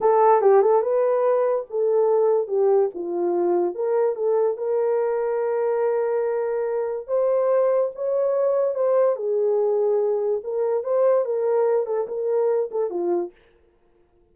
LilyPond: \new Staff \with { instrumentName = "horn" } { \time 4/4 \tempo 4 = 144 a'4 g'8 a'8 b'2 | a'2 g'4 f'4~ | f'4 ais'4 a'4 ais'4~ | ais'1~ |
ais'4 c''2 cis''4~ | cis''4 c''4 gis'2~ | gis'4 ais'4 c''4 ais'4~ | ais'8 a'8 ais'4. a'8 f'4 | }